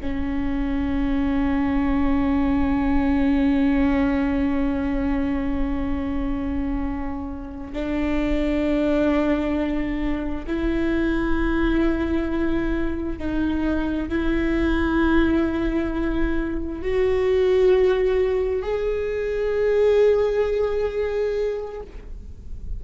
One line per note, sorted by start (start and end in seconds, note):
0.00 7.73 C#4
7.73 10.45 D4
10.47 13.18 E4
13.18 14.09 D#4
14.09 16.81 E4
16.81 18.62 F#4
18.62 21.81 G#4